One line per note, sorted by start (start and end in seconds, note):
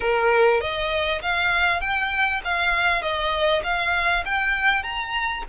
0.00 0.61 A#4
0.61 1.21 D#5
1.21 1.80 F5
1.80 2.41 G5
2.44 3.01 F5
3.01 3.62 D#5
3.63 4.24 F5
4.25 4.83 G5
4.83 5.43 A#5